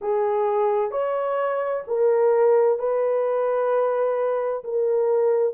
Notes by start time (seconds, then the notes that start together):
0.01 G#4
0.91 C#5
1.87 A#4
2.79 B4
4.64 A#4